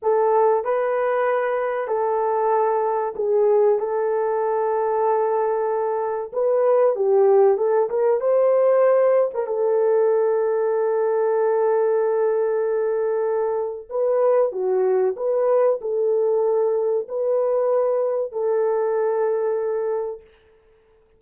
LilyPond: \new Staff \with { instrumentName = "horn" } { \time 4/4 \tempo 4 = 95 a'4 b'2 a'4~ | a'4 gis'4 a'2~ | a'2 b'4 g'4 | a'8 ais'8 c''4.~ c''16 ais'16 a'4~ |
a'1~ | a'2 b'4 fis'4 | b'4 a'2 b'4~ | b'4 a'2. | }